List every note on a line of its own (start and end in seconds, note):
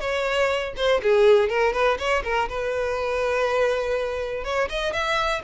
0.00 0.74 C#5
0.76 1.01 C5
1.03 1.49 G#4
1.49 1.73 A#4
1.73 1.97 B4
1.98 2.23 C#5
2.24 2.48 A#4
2.49 4.44 B4
4.44 4.69 C#5
4.69 4.92 D#5
4.92 5.42 E5